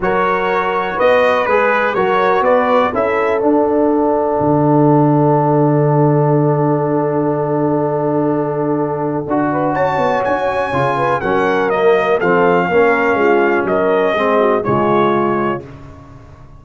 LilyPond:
<<
  \new Staff \with { instrumentName = "trumpet" } { \time 4/4 \tempo 4 = 123 cis''2 dis''4 b'4 | cis''4 d''4 e''4 fis''4~ | fis''1~ | fis''1~ |
fis''1 | a''4 gis''2 fis''4 | dis''4 f''2. | dis''2 cis''2 | }
  \new Staff \with { instrumentName = "horn" } { \time 4/4 ais'2 b'2 | ais'4 b'4 a'2~ | a'1~ | a'1~ |
a'2.~ a'8 b'8 | cis''2~ cis''8 b'8 ais'4~ | ais'4 a'4 ais'4 f'4 | ais'4 gis'8 fis'8 f'2 | }
  \new Staff \with { instrumentName = "trombone" } { \time 4/4 fis'2. gis'4 | fis'2 e'4 d'4~ | d'1~ | d'1~ |
d'2. fis'4~ | fis'2 f'4 cis'4 | ais4 c'4 cis'2~ | cis'4 c'4 gis2 | }
  \new Staff \with { instrumentName = "tuba" } { \time 4/4 fis2 b4 gis4 | fis4 b4 cis'4 d'4~ | d'4 d2.~ | d1~ |
d2. d'4 | cis'8 b8 cis'4 cis4 fis4~ | fis4 f4 ais4 gis4 | fis4 gis4 cis2 | }
>>